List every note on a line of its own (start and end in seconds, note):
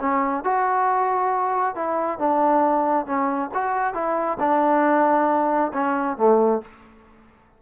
0.00 0.44 C#4
0.44 1.75 F#4
1.75 2.19 E4
2.19 3.06 D4
3.06 3.50 C#4
3.54 3.94 F#4
3.94 4.38 E4
4.40 5.72 D4
5.74 6.17 C#4
6.17 6.62 A3